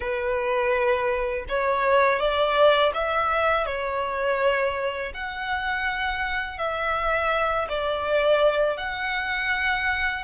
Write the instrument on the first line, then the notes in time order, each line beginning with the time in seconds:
violin
0.00 B4
1.48 C#5
2.19 D5
2.94 E5
3.66 C#5
5.14 F#5
6.58 E5
7.68 D5
8.77 F#5